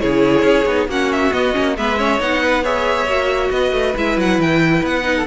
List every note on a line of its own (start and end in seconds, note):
0.00 0.43 C#3
0.00 0.66 E4
0.00 0.89 G#4
0.00 0.88 C#5
0.43 0.65 C#4
0.66 0.87 B3
0.66 0.89 D#4
0.87 1.31 A#3
0.87 1.32 C#4
0.87 1.77 F#4
0.87 1.12 F#5
1.12 1.33 E5
1.32 1.53 B3
1.32 1.55 B3
1.32 1.76 D#5
1.53 1.77 A#3
1.53 1.75 C#4
1.77 2.20 G#3
1.77 1.97 B3
1.77 1.98 B4
1.77 2.21 E5
1.97 2.19 C#4
1.97 2.42 C#5
2.19 3.07 B3
2.19 2.63 D#4
2.19 2.65 F#5
2.43 2.63 B4
2.63 3.08 G#4
2.63 3.51 C#5
2.63 3.51 E5
3.07 3.51 A#3
3.07 3.96 F#4
3.51 3.72 B3
3.51 5.17 B4
3.51 3.95 D#5
3.72 3.94 A3
3.96 4.17 G#3
3.96 5.03 E4
3.96 4.20 E5
4.17 4.38 F#3
4.17 4.41 F#5
4.38 4.82 E3
4.38 4.85 G5
4.83 5.26 B3
4.83 5.26 F#5
5.03 5.25 D#4
5.17 5.26 A4